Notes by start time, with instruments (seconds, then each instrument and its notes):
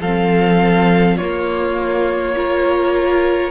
0.00 cello F3, viola C4, violin A4 F5
1.17 viola A#3, cello A#3, violin F4 C#5
2.35 viola F4, violin A#4